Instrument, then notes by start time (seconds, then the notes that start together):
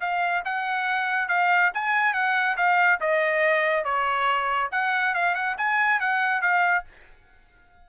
trumpet
0.00 F5
0.45 F#5
1.29 F5
1.74 G#5
2.13 F#5
2.57 F5
3.00 D#5
3.84 C#5
4.71 F#5
5.14 F5
5.35 F#5
5.58 G#5
6.00 F#5
6.41 F5